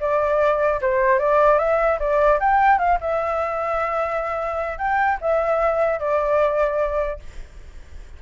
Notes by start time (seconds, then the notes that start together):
0.00 D5
0.81 C5
1.19 D5
1.58 E5
1.99 D5
2.39 G5
2.78 F5
3.00 E5
4.78 G5
5.21 E5
5.99 D5